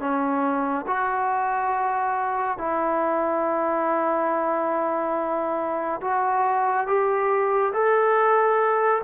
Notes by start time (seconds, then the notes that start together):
0.00 C#4
0.87 F#4
2.58 E4
6.01 F#4
6.87 G4
7.73 A4